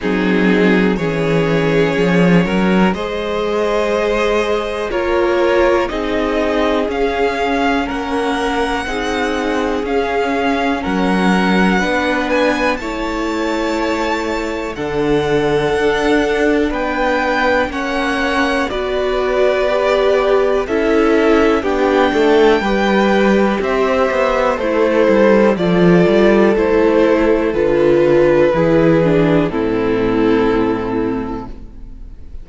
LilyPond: <<
  \new Staff \with { instrumentName = "violin" } { \time 4/4 \tempo 4 = 61 gis'4 cis''2 dis''4~ | dis''4 cis''4 dis''4 f''4 | fis''2 f''4 fis''4~ | fis''8 gis''8 a''2 fis''4~ |
fis''4 g''4 fis''4 d''4~ | d''4 e''4 g''2 | e''4 c''4 d''4 c''4 | b'2 a'2 | }
  \new Staff \with { instrumentName = "violin" } { \time 4/4 dis'4 gis'4. ais'8 c''4~ | c''4 ais'4 gis'2 | ais'4 gis'2 ais'4 | b'4 cis''2 a'4~ |
a'4 b'4 cis''4 b'4~ | b'4 a'4 g'8 a'8 b'4 | c''4 e'4 a'2~ | a'4 gis'4 e'2 | }
  \new Staff \with { instrumentName = "viola" } { \time 4/4 c'4 cis'2 gis'4~ | gis'4 f'4 dis'4 cis'4~ | cis'4 dis'4 cis'2 | d'4 e'2 d'4~ |
d'2 cis'4 fis'4 | g'4 e'4 d'4 g'4~ | g'4 a'4 f'4 e'4 | f'4 e'8 d'8 c'2 | }
  \new Staff \with { instrumentName = "cello" } { \time 4/4 fis4 e4 f8 fis8 gis4~ | gis4 ais4 c'4 cis'4 | ais4 c'4 cis'4 fis4 | b4 a2 d4 |
d'4 b4 ais4 b4~ | b4 cis'4 b8 a8 g4 | c'8 b8 a8 g8 f8 g8 a4 | d4 e4 a,2 | }
>>